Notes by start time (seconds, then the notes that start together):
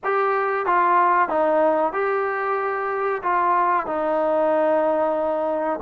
0.04 G4
0.66 F4
1.28 D#4
1.92 G4
3.23 F4
3.86 D#4